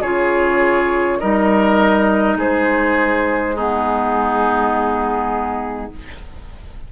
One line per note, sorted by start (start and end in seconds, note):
0.00 1.19 C#3
0.00 1.20 F4
0.00 1.18 G#4
0.00 1.19 C#5
1.19 2.36 G3
1.19 3.55 D#4
1.19 2.37 A#4
1.19 2.37 D#5
2.36 5.88 G#3
2.36 3.55 G#4
2.36 3.57 C5
3.55 5.92 B3
3.55 5.90 D#4
3.55 5.92 G#4